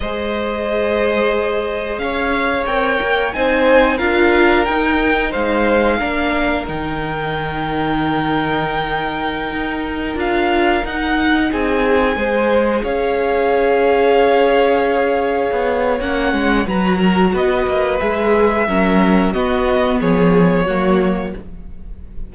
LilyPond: <<
  \new Staff \with { instrumentName = "violin" } { \time 4/4 \tempo 4 = 90 dis''2. f''4 | g''4 gis''4 f''4 g''4 | f''2 g''2~ | g''2.~ g''16 f''8.~ |
f''16 fis''4 gis''2 f''8.~ | f''1 | fis''4 ais''4 dis''4 e''4~ | e''4 dis''4 cis''2 | }
  \new Staff \with { instrumentName = "violin" } { \time 4/4 c''2. cis''4~ | cis''4 c''4 ais'2 | c''4 ais'2.~ | ais'1~ |
ais'4~ ais'16 gis'4 c''4 cis''8.~ | cis''1~ | cis''4 b'8 ais'8 b'2 | ais'4 fis'4 gis'4 fis'4 | }
  \new Staff \with { instrumentName = "viola" } { \time 4/4 gis'1 | ais'4 dis'4 f'4 dis'4~ | dis'4 d'4 dis'2~ | dis'2.~ dis'16 f'8.~ |
f'16 dis'2 gis'4.~ gis'16~ | gis'1 | cis'4 fis'2 gis'4 | cis'4 b2 ais4 | }
  \new Staff \with { instrumentName = "cello" } { \time 4/4 gis2. cis'4 | c'8 ais8 c'4 d'4 dis'4 | gis4 ais4 dis2~ | dis2~ dis16 dis'4 d'8.~ |
d'16 dis'4 c'4 gis4 cis'8.~ | cis'2.~ cis'16 b8. | ais8 gis8 fis4 b8 ais8 gis4 | fis4 b4 f4 fis4 | }
>>